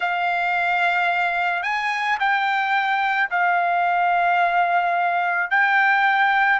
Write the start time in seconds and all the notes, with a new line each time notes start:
0.00 F5
1.62 G#5
2.19 G5
3.30 F5
5.50 G5